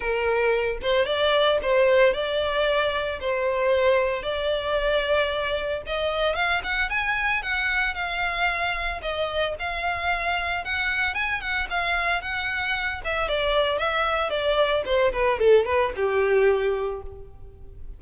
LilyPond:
\new Staff \with { instrumentName = "violin" } { \time 4/4 \tempo 4 = 113 ais'4. c''8 d''4 c''4 | d''2 c''2 | d''2. dis''4 | f''8 fis''8 gis''4 fis''4 f''4~ |
f''4 dis''4 f''2 | fis''4 gis''8 fis''8 f''4 fis''4~ | fis''8 e''8 d''4 e''4 d''4 | c''8 b'8 a'8 b'8 g'2 | }